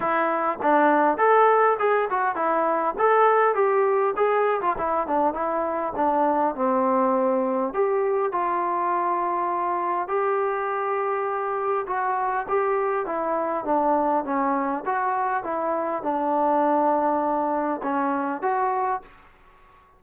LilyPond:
\new Staff \with { instrumentName = "trombone" } { \time 4/4 \tempo 4 = 101 e'4 d'4 a'4 gis'8 fis'8 | e'4 a'4 g'4 gis'8. f'16 | e'8 d'8 e'4 d'4 c'4~ | c'4 g'4 f'2~ |
f'4 g'2. | fis'4 g'4 e'4 d'4 | cis'4 fis'4 e'4 d'4~ | d'2 cis'4 fis'4 | }